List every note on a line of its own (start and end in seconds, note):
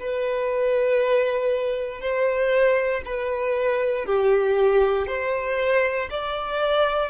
0.00 2.01 B4
2.01 3.03 C5
3.05 4.06 B4
4.06 5.08 G4
5.08 6.09 C5
6.11 7.10 D5